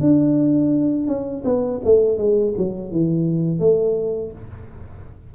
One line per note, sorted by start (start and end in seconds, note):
0.00 1.07 D4
1.07 1.44 C#4
1.45 1.81 B3
1.85 2.18 A3
2.18 2.54 G#3
2.58 2.92 F#3
2.92 3.59 E3
3.59 4.32 A3